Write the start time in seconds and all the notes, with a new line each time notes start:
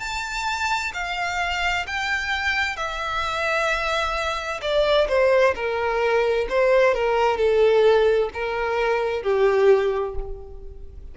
0.00 A5
0.94 F5
1.87 G5
2.77 E5
4.62 D5
5.09 C5
5.56 A#4
6.50 C5
6.95 A#4
7.38 A4
8.34 A#4
9.23 G4